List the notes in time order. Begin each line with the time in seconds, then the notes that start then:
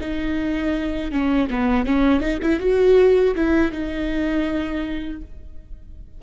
0.00 D#4
1.11 C#4
1.50 B3
1.85 C#4
2.20 D#4
2.42 E4
2.60 F#4
3.35 E4
3.72 D#4